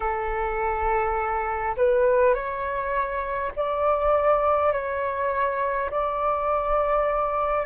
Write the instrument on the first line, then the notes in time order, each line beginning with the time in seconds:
flute
0.00 A4
1.76 B4
2.34 C#5
3.56 D5
4.72 C#5
5.90 D5